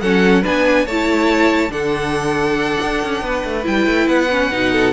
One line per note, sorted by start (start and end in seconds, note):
0.00 0.44 F#3
0.00 0.42 C#4
0.00 0.42 A4
0.00 0.43 F#5
0.42 0.86 B3
0.42 0.85 D4
0.42 0.85 B4
0.42 0.87 G#5
0.85 1.69 A3
0.85 1.69 E4
0.85 1.71 C#5
0.85 1.72 A5
1.69 2.76 D3
1.69 3.62 D4
1.69 3.22 A4
1.69 3.64 F#5
2.83 3.03 D4
3.03 3.21 C#4
3.21 3.43 B3
3.21 4.72 B4
3.44 3.66 A3
3.63 3.86 G3
3.63 4.27 E4
3.63 4.08 G5
3.86 4.07 A3
4.07 4.50 B3
4.07 4.92 F#5
4.30 4.51 C#4
4.51 4.92 B2
4.51 4.92 D#4
4.72 4.92 A4